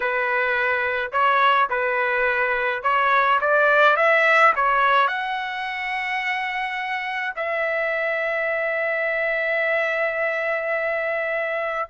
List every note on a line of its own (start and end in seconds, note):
0.00 1.11 B4
1.12 1.68 C#5
1.69 2.82 B4
2.83 3.39 C#5
3.40 3.96 D5
3.96 4.53 E5
4.55 5.07 C#5
5.07 7.34 F#5
7.36 11.88 E5